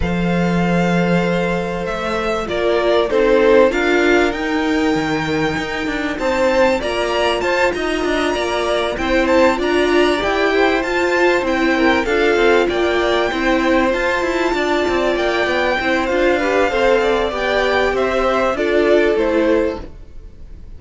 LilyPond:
<<
  \new Staff \with { instrumentName = "violin" } { \time 4/4 \tempo 4 = 97 f''2. e''4 | d''4 c''4 f''4 g''4~ | g''2 a''4 ais''4 | a''8 ais''2 g''8 a''8 ais''8~ |
ais''8 g''4 a''4 g''4 f''8~ | f''8 g''2 a''4.~ | a''8 g''4. f''2 | g''4 e''4 d''4 c''4 | }
  \new Staff \with { instrumentName = "violin" } { \time 4/4 c''1 | ais'4 a'4 ais'2~ | ais'2 c''4 d''4 | c''8 dis''4 d''4 c''4 d''8~ |
d''4 c''2 ais'8 a'8~ | a'8 d''4 c''2 d''8~ | d''4. c''4 b'8 c''8 d''8~ | d''4 c''4 a'2 | }
  \new Staff \with { instrumentName = "viola" } { \time 4/4 a'1 | f'4 dis'4 f'4 dis'4~ | dis'2. f'4~ | f'2~ f'8 e'4 f'8~ |
f'8 g'4 f'4 e'4 f'8~ | f'4. e'4 f'4.~ | f'4. e'8 f'8 g'8 a'4 | g'2 f'4 e'4 | }
  \new Staff \with { instrumentName = "cello" } { \time 4/4 f2. a4 | ais4 c'4 d'4 dis'4 | dis4 dis'8 d'8 c'4 ais4 | f'8 dis'8 d'8 ais4 c'4 d'8~ |
d'8 e'4 f'4 c'4 d'8 | c'8 ais4 c'4 f'8 e'8 d'8 | c'8 ais8 b8 c'8 d'4 c'4 | b4 c'4 d'4 a4 | }
>>